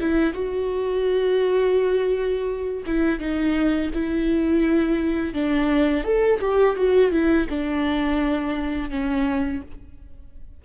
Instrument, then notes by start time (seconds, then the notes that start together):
viola
0.00 E4
0.33 F#4
2.86 E4
3.19 D#4
3.94 E4
5.33 D4
6.04 A4
6.41 G4
6.76 F#4
7.11 E4
7.49 D4
8.90 C#4